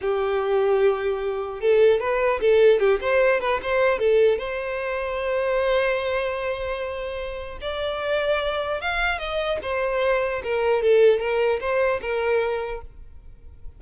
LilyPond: \new Staff \with { instrumentName = "violin" } { \time 4/4 \tempo 4 = 150 g'1 | a'4 b'4 a'4 g'8 c''8~ | c''8 b'8 c''4 a'4 c''4~ | c''1~ |
c''2. d''4~ | d''2 f''4 dis''4 | c''2 ais'4 a'4 | ais'4 c''4 ais'2 | }